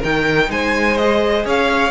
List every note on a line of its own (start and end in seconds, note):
0.00 0.50 D#3
0.00 0.99 D#4
0.00 0.48 A#4
0.00 0.51 G5
0.50 1.45 G#3
0.50 1.46 C5
0.50 0.98 G#5
0.98 1.92 G#4
0.98 1.45 D#5
1.45 1.92 C#4
1.45 1.92 C#5
1.45 1.92 F5